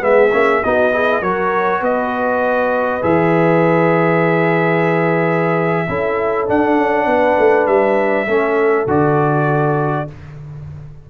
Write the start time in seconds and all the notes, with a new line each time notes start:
0.00 G#3 B3 G#4 E5
0.32 A#3 C#4
0.64 B3 D#4 F#4 D#5
0.93 E4 G#4
1.22 F#3 F#4 A#4 C#5
1.80 B3 B4 D#5
3.02 E3 G#4 E5
5.89 C#4 E4 A4
6.47 D4 F#5
6.77 C#4
7.06 B3 B4
7.39 A3
7.67 G3 E5
8.27 A3 C#4 A4
8.87 D3 F#4 D5